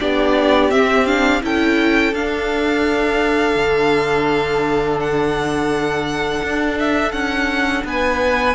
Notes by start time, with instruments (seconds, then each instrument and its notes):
0.00 cello B3, viola D4, violin G4 D5
0.71 cello C4, viola C4, violin E5
1.06 viola D4, violin F5
1.42 cello C#4, viola E4, violin A4 G5
2.13 cello D4, viola D4, violin F5
3.56 cello D3
5.00 violin F#5
6.43 cello D4
6.79 violin E5
7.12 cello C#4, violin F#5
7.84 cello B3, violin B4 G#5